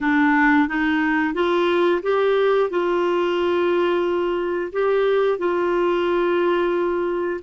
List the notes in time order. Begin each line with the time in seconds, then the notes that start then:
0.00 D4
0.67 D#4
1.34 F4
2.02 G4
2.70 F4
4.72 G4
5.38 F4